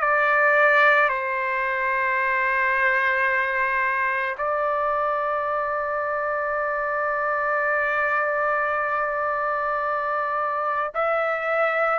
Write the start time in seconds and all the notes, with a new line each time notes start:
0.00 D5
1.09 C5
4.38 D5
10.94 E5